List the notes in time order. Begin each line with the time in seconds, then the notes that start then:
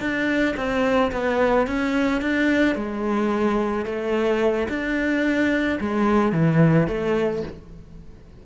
0.00 D4
0.57 C4
1.12 B3
1.67 C#4
2.22 D4
2.75 G#3
3.85 A3
4.69 D4
5.80 G#3
6.32 E3
6.87 A3